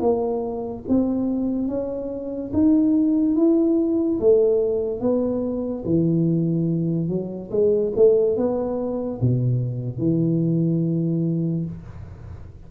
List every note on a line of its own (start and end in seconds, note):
0.00 0.83 A#3
0.88 1.68 C4
1.68 2.52 C#4
2.53 3.36 D#4
3.36 4.19 E4
4.20 5.00 A3
5.00 5.84 B3
5.84 7.08 E3
7.08 7.50 F#3
7.51 7.92 G#3
7.96 8.36 A3
8.36 9.20 B3
9.21 9.98 B2
9.98 11.65 E3